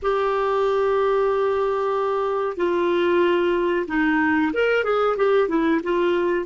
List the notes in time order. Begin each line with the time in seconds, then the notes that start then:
0.02 G4
2.57 F4
3.87 D#4
4.53 A#4
4.84 G#4
5.16 G4
5.48 E4
5.83 F4